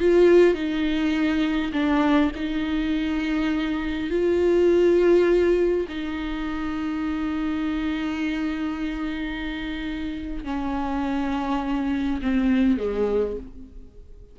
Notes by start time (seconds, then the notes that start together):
0.00 F4
0.54 D#4
1.73 D4
2.36 D#4
4.10 F4
5.89 D#4
10.45 C#4
12.22 C4
12.78 G#3